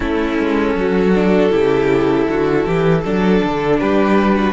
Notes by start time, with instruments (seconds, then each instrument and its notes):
0.00 cello A3, viola C#4, violin E4 A4
0.38 cello G#3
0.74 cello F#3, violin F#4
1.14 viola D4
1.50 cello C#3, viola E4, violin G4
2.27 cello D3, violin F#4
2.66 cello E3, violin G4
3.02 cello F#3, viola D4, violin A4
3.43 cello D3
3.79 cello G3, violin G4 B4
4.35 violin F#4